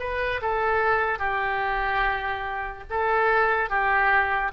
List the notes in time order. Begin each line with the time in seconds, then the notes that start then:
0.00 B4
0.42 A4
1.19 G4
2.90 A4
3.70 G4